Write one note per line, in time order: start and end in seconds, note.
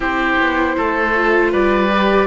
0.00 0.36 C4
0.00 1.13 E4
0.00 0.76 G4
0.00 1.52 C5
0.38 0.76 B3
0.77 1.53 A3
0.77 1.51 A4
1.14 1.90 F4
1.51 2.26 G3
1.51 2.26 B4
1.51 2.26 D5
1.91 2.26 G4